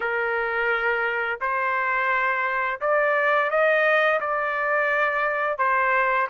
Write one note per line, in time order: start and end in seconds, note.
0.00 1.39 A#4
1.40 2.80 C5
2.80 3.50 D5
3.50 4.20 D#5
4.20 5.58 D5
5.58 6.27 C5